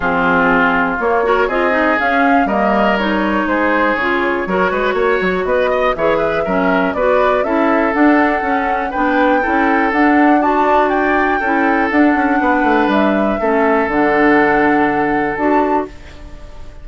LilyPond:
<<
  \new Staff \with { instrumentName = "flute" } { \time 4/4 \tempo 4 = 121 gis'2 cis''4 dis''4 | f''4 dis''4 cis''4 c''4 | cis''2. dis''4 | e''2 d''4 e''4 |
fis''2 g''2 | fis''4 a''4 g''2 | fis''2 e''2 | fis''2. a''4 | }
  \new Staff \with { instrumentName = "oboe" } { \time 4/4 f'2~ f'8 ais'8 gis'4~ | gis'4 ais'2 gis'4~ | gis'4 ais'8 b'8 cis''4 b'8 dis''8 | cis''8 b'8 ais'4 b'4 a'4~ |
a'2 b'4 a'4~ | a'4 d'4 d''4 a'4~ | a'4 b'2 a'4~ | a'1 | }
  \new Staff \with { instrumentName = "clarinet" } { \time 4/4 c'2 ais8 fis'8 f'8 dis'8 | cis'4 ais4 dis'2 | f'4 fis'2. | gis'4 cis'4 fis'4 e'4 |
d'4 cis'4 d'4 e'4 | d'4 fis'2 e'4 | d'2. cis'4 | d'2. fis'4 | }
  \new Staff \with { instrumentName = "bassoon" } { \time 4/4 f2 ais4 c'4 | cis'4 g2 gis4 | cis4 fis8 gis8 ais8 fis8 b4 | e4 fis4 b4 cis'4 |
d'4 cis'4 b4 cis'4 | d'2. cis'4 | d'8 cis'8 b8 a8 g4 a4 | d2. d'4 | }
>>